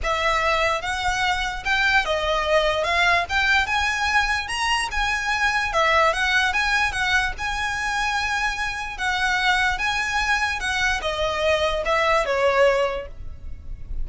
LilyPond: \new Staff \with { instrumentName = "violin" } { \time 4/4 \tempo 4 = 147 e''2 fis''2 | g''4 dis''2 f''4 | g''4 gis''2 ais''4 | gis''2 e''4 fis''4 |
gis''4 fis''4 gis''2~ | gis''2 fis''2 | gis''2 fis''4 dis''4~ | dis''4 e''4 cis''2 | }